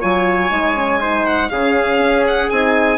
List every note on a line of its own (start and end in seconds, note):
0.00 0.51 F#3
0.00 0.50 F4
0.00 1.00 C#5
0.00 1.26 G#5
0.50 1.51 G#3
0.50 0.75 D#4
0.75 1.00 C#4
1.00 1.50 D#4
1.00 1.50 C5
1.26 1.49 F#5
1.49 1.98 C#3
1.49 2.51 C#4
1.49 2.98 G#4
1.49 2.24 F5
1.98 2.48 C#4
2.27 2.50 F#5
2.50 2.98 C4
2.50 2.98 D#4
2.50 2.98 G#5